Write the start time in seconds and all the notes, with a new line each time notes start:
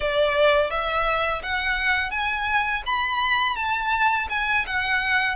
0.00 D5
0.70 E5
1.42 F#5
2.11 G#5
2.85 B5
3.56 A5
4.29 G#5
4.66 F#5